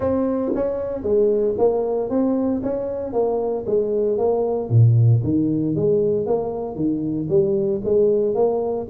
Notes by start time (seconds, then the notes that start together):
0.00 C4
0.55 C#4
1.02 G#3
1.57 A#3
2.09 C4
2.63 C#4
3.12 A#3
3.66 G#3
4.18 A#3
4.69 A#2
5.23 D#3
5.75 G#3
6.26 A#3
6.75 D#3
7.29 G3
7.84 G#3
8.34 A#3